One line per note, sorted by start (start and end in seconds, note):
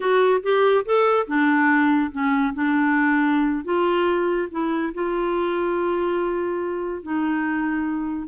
0.00 0.41 F#4
0.42 0.84 G4
0.85 1.27 A4
1.27 2.11 D4
2.11 2.53 C#4
2.54 3.64 D4
3.64 4.48 F4
4.51 4.93 E4
4.94 7.02 F4
7.02 8.28 D#4